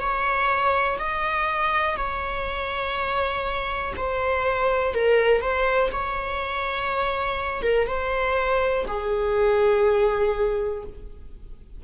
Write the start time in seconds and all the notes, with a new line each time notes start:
0.00 C#5
0.98 D#5
1.97 C#5
3.97 C5
4.94 A#4
5.41 C5
5.92 C#5
7.62 A#4
7.87 C5
8.87 G#4